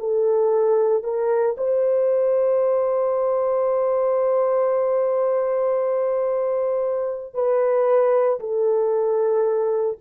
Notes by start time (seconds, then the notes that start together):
0.00 A4
1.04 A#4
1.58 C5
7.34 B4
8.40 A4